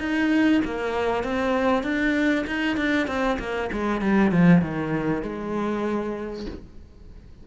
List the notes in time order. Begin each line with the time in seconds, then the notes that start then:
0.00 D#4
0.65 A#3
1.24 C4
1.84 D4
2.47 D#4
2.77 D4
3.07 C4
3.39 A#3
3.73 G#3
4.02 G3
4.32 F3
4.62 D#3
5.23 G#3